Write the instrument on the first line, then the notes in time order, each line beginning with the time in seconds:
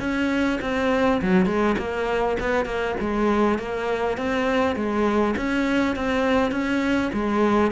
cello
0.00 C#4
0.62 C4
1.22 F#3
1.46 G#3
1.78 A#3
2.40 B3
2.65 A#3
3.00 G#3
3.58 A#3
4.17 C4
4.76 G#3
5.37 C#4
5.96 C4
6.51 C#4
7.13 G#3